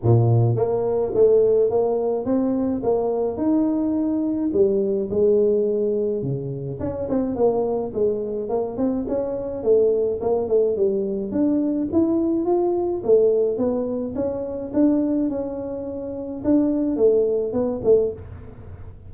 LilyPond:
\new Staff \with { instrumentName = "tuba" } { \time 4/4 \tempo 4 = 106 ais,4 ais4 a4 ais4 | c'4 ais4 dis'2 | g4 gis2 cis4 | cis'8 c'8 ais4 gis4 ais8 c'8 |
cis'4 a4 ais8 a8 g4 | d'4 e'4 f'4 a4 | b4 cis'4 d'4 cis'4~ | cis'4 d'4 a4 b8 a8 | }